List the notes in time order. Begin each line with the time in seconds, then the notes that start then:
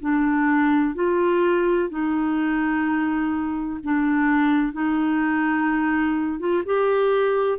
0.00 D4
0.95 F4
1.90 D#4
3.84 D4
4.73 D#4
6.40 F4
6.66 G4